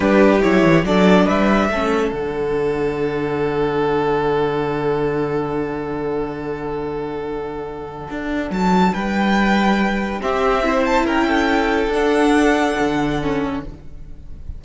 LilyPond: <<
  \new Staff \with { instrumentName = "violin" } { \time 4/4 \tempo 4 = 141 b'4 cis''4 d''4 e''4~ | e''4 fis''2.~ | fis''1~ | fis''1~ |
fis''1 | a''4 g''2. | e''4. a''8 g''2 | fis''1 | }
  \new Staff \with { instrumentName = "violin" } { \time 4/4 g'2 a'4 b'4 | a'1~ | a'1~ | a'1~ |
a'1~ | a'4 b'2. | g'4 c''4 ais'8 a'4.~ | a'1 | }
  \new Staff \with { instrumentName = "viola" } { \time 4/4 d'4 e'4 d'2 | cis'4 d'2.~ | d'1~ | d'1~ |
d'1~ | d'1 | c'4 e'2. | d'2. cis'4 | }
  \new Staff \with { instrumentName = "cello" } { \time 4/4 g4 fis8 e8 fis4 g4 | a4 d2.~ | d1~ | d1~ |
d2. d'4 | fis4 g2. | c'2 cis'2 | d'2 d2 | }
>>